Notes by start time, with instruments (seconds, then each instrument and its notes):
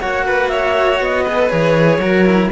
0.00 cello A#3 F#4, violin C#5, clarinet F#5
0.26 violin B4
0.48 violin C#5, clarinet E5
1.00 cello B3, clarinet D#5
1.23 cello G#4, violin B4
1.39 cello A4
1.50 cello E3 G#4, clarinet C#5
1.98 cello F#3 F#4, violin A#4
2.25 cello E4